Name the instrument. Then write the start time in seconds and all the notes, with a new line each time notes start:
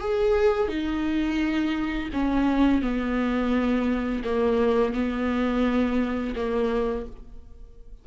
viola
0.00 G#4
0.68 D#4
2.13 C#4
2.82 B3
4.24 A#3
4.94 B3
6.36 A#3